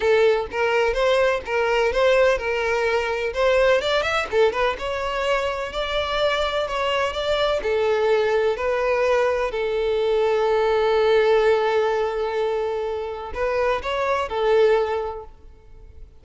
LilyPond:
\new Staff \with { instrumentName = "violin" } { \time 4/4 \tempo 4 = 126 a'4 ais'4 c''4 ais'4 | c''4 ais'2 c''4 | d''8 e''8 a'8 b'8 cis''2 | d''2 cis''4 d''4 |
a'2 b'2 | a'1~ | a'1 | b'4 cis''4 a'2 | }